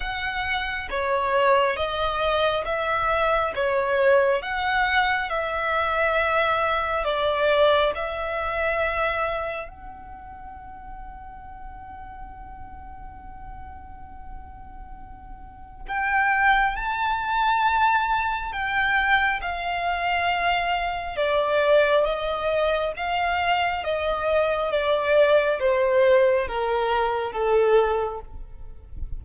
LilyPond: \new Staff \with { instrumentName = "violin" } { \time 4/4 \tempo 4 = 68 fis''4 cis''4 dis''4 e''4 | cis''4 fis''4 e''2 | d''4 e''2 fis''4~ | fis''1~ |
fis''2 g''4 a''4~ | a''4 g''4 f''2 | d''4 dis''4 f''4 dis''4 | d''4 c''4 ais'4 a'4 | }